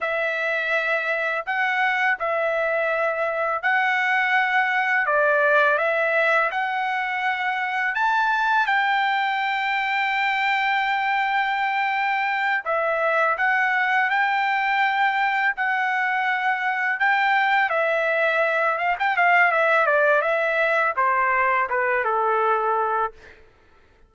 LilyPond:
\new Staff \with { instrumentName = "trumpet" } { \time 4/4 \tempo 4 = 83 e''2 fis''4 e''4~ | e''4 fis''2 d''4 | e''4 fis''2 a''4 | g''1~ |
g''4. e''4 fis''4 g''8~ | g''4. fis''2 g''8~ | g''8 e''4. f''16 g''16 f''8 e''8 d''8 | e''4 c''4 b'8 a'4. | }